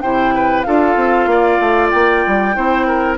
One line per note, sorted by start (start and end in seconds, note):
0.00 0.66 C3
0.00 0.65 E4
0.00 0.34 C5
0.00 0.62 G5
0.35 0.66 B4
0.62 0.96 D4
0.62 2.54 F4
0.62 1.29 A4
0.62 1.88 F5
0.96 1.26 C4
1.26 1.58 A#3
1.26 2.56 D5
1.60 1.91 A3
1.89 2.25 A#3
1.89 3.16 G5
2.26 2.56 G3
2.54 3.18 C4
2.54 3.17 E4
2.54 2.86 C5
2.86 3.18 A#4